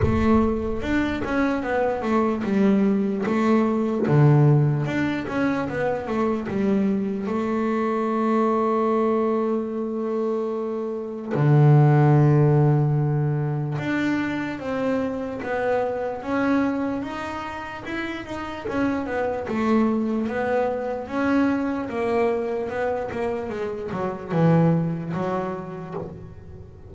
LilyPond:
\new Staff \with { instrumentName = "double bass" } { \time 4/4 \tempo 4 = 74 a4 d'8 cis'8 b8 a8 g4 | a4 d4 d'8 cis'8 b8 a8 | g4 a2.~ | a2 d2~ |
d4 d'4 c'4 b4 | cis'4 dis'4 e'8 dis'8 cis'8 b8 | a4 b4 cis'4 ais4 | b8 ais8 gis8 fis8 e4 fis4 | }